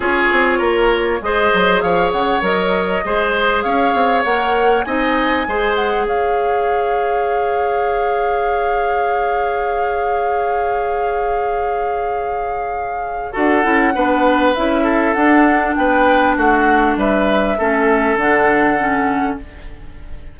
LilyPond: <<
  \new Staff \with { instrumentName = "flute" } { \time 4/4 \tempo 4 = 99 cis''2 dis''4 f''8 fis''8 | dis''2 f''4 fis''4 | gis''4. fis''8 f''2~ | f''1~ |
f''1~ | f''2 fis''2 | e''4 fis''4 g''4 fis''4 | e''2 fis''2 | }
  \new Staff \with { instrumentName = "oboe" } { \time 4/4 gis'4 ais'4 c''4 cis''4~ | cis''4 c''4 cis''2 | dis''4 c''4 cis''2~ | cis''1~ |
cis''1~ | cis''2 a'4 b'4~ | b'8 a'4. b'4 fis'4 | b'4 a'2. | }
  \new Staff \with { instrumentName = "clarinet" } { \time 4/4 f'2 gis'2 | ais'4 gis'2 ais'4 | dis'4 gis'2.~ | gis'1~ |
gis'1~ | gis'2 fis'8 e'8 d'4 | e'4 d'2.~ | d'4 cis'4 d'4 cis'4 | }
  \new Staff \with { instrumentName = "bassoon" } { \time 4/4 cis'8 c'8 ais4 gis8 fis8 f8 cis8 | fis4 gis4 cis'8 c'8 ais4 | c'4 gis4 cis'2~ | cis'1~ |
cis'1~ | cis'2 d'8 cis'8 b4 | cis'4 d'4 b4 a4 | g4 a4 d2 | }
>>